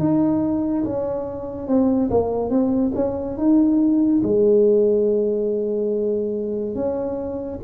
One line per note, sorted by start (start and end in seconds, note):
0.00 0.85 D#4
0.85 1.68 C#4
1.68 2.10 C4
2.11 2.50 A#3
2.50 2.92 C4
2.96 3.38 C#4
3.38 4.23 D#4
4.23 6.75 G#3
6.75 7.60 C#4